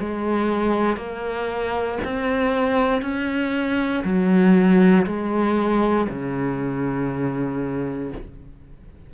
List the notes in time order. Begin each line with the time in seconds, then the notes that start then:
0.00 G#3
0.97 A#3
2.05 C4
3.02 C#4
4.04 F#3
5.07 G#3
6.09 C#3